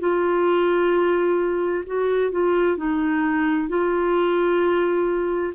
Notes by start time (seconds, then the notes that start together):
0.00 F4
1.87 F#4
2.32 F4
2.77 D#4
3.69 F4